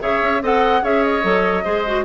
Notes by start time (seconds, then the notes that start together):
0.00 C#3 G#4 C#5 E5
0.22 C#4
0.42 C4 A4 D#5 F#5
0.82 C#4 G#4 C#5 E5
1.03 D#5
1.23 F#3 A4
1.64 G#3 G#4 C5
1.86 F#4